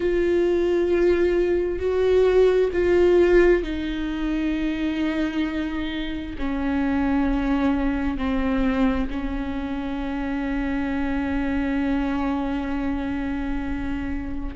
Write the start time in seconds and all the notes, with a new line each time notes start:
0.00 F4
1.79 F#4
2.73 F4
3.63 D#4
6.38 C#4
8.17 C4
9.10 C#4